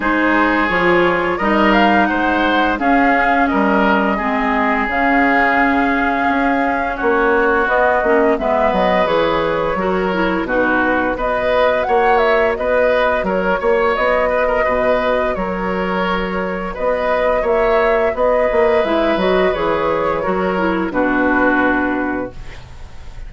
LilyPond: <<
  \new Staff \with { instrumentName = "flute" } { \time 4/4 \tempo 4 = 86 c''4 cis''4 dis''8 f''8 fis''4 | f''4 dis''2 f''4~ | f''2 cis''4 dis''4 | e''8 dis''8 cis''2 b'4 |
dis''4 fis''8 e''8 dis''4 cis''4 | dis''2 cis''2 | dis''4 e''4 dis''4 e''8 dis''8 | cis''2 b'2 | }
  \new Staff \with { instrumentName = "oboe" } { \time 4/4 gis'2 ais'4 c''4 | gis'4 ais'4 gis'2~ | gis'2 fis'2 | b'2 ais'4 fis'4 |
b'4 cis''4 b'4 ais'8 cis''8~ | cis''8 b'16 ais'16 b'4 ais'2 | b'4 cis''4 b'2~ | b'4 ais'4 fis'2 | }
  \new Staff \with { instrumentName = "clarinet" } { \time 4/4 dis'4 f'4 dis'2 | cis'2 c'4 cis'4~ | cis'2. b8 cis'8 | b4 gis'4 fis'8 e'8 dis'4 |
fis'1~ | fis'1~ | fis'2. e'8 fis'8 | gis'4 fis'8 e'8 d'2 | }
  \new Staff \with { instrumentName = "bassoon" } { \time 4/4 gis4 f4 g4 gis4 | cis'4 g4 gis4 cis4~ | cis4 cis'4 ais4 b8 ais8 | gis8 fis8 e4 fis4 b,4 |
b4 ais4 b4 fis8 ais8 | b4 b,4 fis2 | b4 ais4 b8 ais8 gis8 fis8 | e4 fis4 b,2 | }
>>